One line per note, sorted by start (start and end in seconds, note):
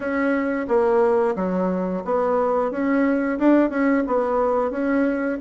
0.00 0.66 C#4
0.67 1.35 A#3
1.35 2.03 F#3
2.04 2.71 B3
2.71 3.38 C#4
3.38 3.70 D4
3.70 4.03 C#4
4.06 4.70 B3
4.70 5.38 C#4